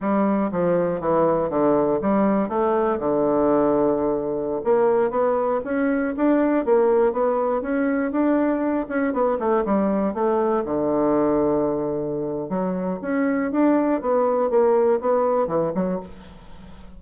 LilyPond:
\new Staff \with { instrumentName = "bassoon" } { \time 4/4 \tempo 4 = 120 g4 f4 e4 d4 | g4 a4 d2~ | d4~ d16 ais4 b4 cis'8.~ | cis'16 d'4 ais4 b4 cis'8.~ |
cis'16 d'4. cis'8 b8 a8 g8.~ | g16 a4 d2~ d8.~ | d4 fis4 cis'4 d'4 | b4 ais4 b4 e8 fis8 | }